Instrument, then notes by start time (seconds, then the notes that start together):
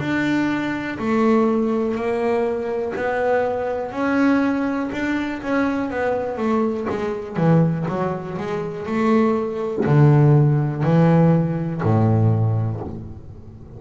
double bass
0.00 D4
0.99 A3
1.95 A#3
2.96 B3
3.92 C#4
4.92 D4
5.42 C#4
5.91 B3
6.38 A3
6.90 G#3
7.37 E3
7.89 F#3
8.38 G#3
8.86 A3
9.86 D3
10.83 E3
11.83 A2